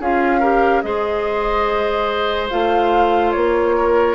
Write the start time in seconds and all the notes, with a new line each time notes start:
0.00 C#4 F4 G#4 F5
0.40 G4 A#4
0.82 G#3 G#4 C5 D#5
2.49 A3 F4 F5
3.32 A#3 C#5
3.77 A#4